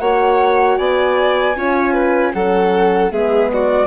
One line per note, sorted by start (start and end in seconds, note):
0.00 0.78 A#3
0.00 1.57 F#4
0.00 0.78 C#5
0.00 0.78 F#5
0.78 1.56 B3
0.78 1.56 D5
0.78 2.33 G#5
1.56 2.34 C#4
1.56 2.35 F4
1.56 1.94 C#5
1.94 2.33 B4
2.33 3.12 F#3
2.33 3.11 C#4
2.33 3.13 A4
2.33 3.11 F#5
3.11 3.87 G#3
3.11 3.87 B3
3.11 3.52 G#4
3.11 3.51 E5
3.53 3.87 F#4
3.53 3.87 D5